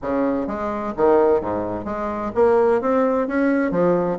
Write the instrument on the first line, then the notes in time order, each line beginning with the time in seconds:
bassoon
0.01 C#3
0.47 G#3
0.96 D#3
1.40 G#2
1.85 G#3
2.34 A#3
2.81 C4
3.27 C#4
3.71 F3